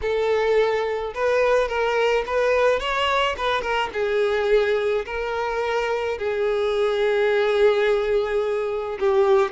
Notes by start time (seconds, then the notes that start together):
0.01 A4
1.14 B4
1.68 A#4
2.26 B4
2.79 C#5
3.37 B4
3.61 A#4
3.93 G#4
5.05 A#4
6.18 G#4
8.99 G4